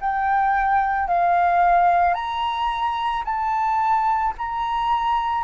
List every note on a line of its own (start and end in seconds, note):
0.00 1.08 G5
1.08 2.14 F5
2.14 3.23 A#5
3.24 4.33 A5
4.37 5.43 A#5